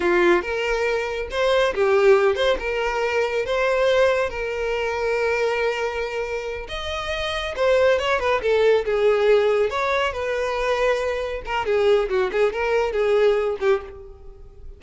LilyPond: \new Staff \with { instrumentName = "violin" } { \time 4/4 \tempo 4 = 139 f'4 ais'2 c''4 | g'4. c''8 ais'2 | c''2 ais'2~ | ais'2.~ ais'8 dis''8~ |
dis''4. c''4 cis''8 b'8 a'8~ | a'8 gis'2 cis''4 b'8~ | b'2~ b'8 ais'8 gis'4 | fis'8 gis'8 ais'4 gis'4. g'8 | }